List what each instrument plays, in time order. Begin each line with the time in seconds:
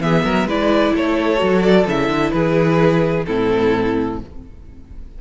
0.00 cello E3, viola B3, violin G#4 E5
0.24 cello F#3, violin A#4
0.45 cello G#3, viola E4, violin B4 D5
0.95 cello A3, violin A4 C#5
1.37 cello F#3, viola F#4
1.62 violin D5
1.87 cello C#3, viola E4, violin E5
2.08 cello D3
2.31 cello E3, violin G#4 B4
3.26 cello A2, viola C4, violin E4 A4